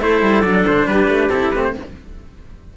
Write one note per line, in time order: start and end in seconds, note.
0.00 0.21 A3
0.00 0.43 E4
0.00 0.88 A4
0.00 0.41 C5
0.21 0.43 G3
0.41 0.64 F#3
0.41 1.30 D4
0.41 0.63 D5
0.66 0.87 D3
0.66 0.87 C5
0.87 1.07 G3
0.87 1.74 G4
0.87 1.29 B4
1.07 1.29 A3
1.29 1.51 C4
1.29 1.54 E4
1.29 1.50 A4
1.50 1.75 A3
1.50 1.76 C4
1.50 1.61 B4
1.63 1.74 C5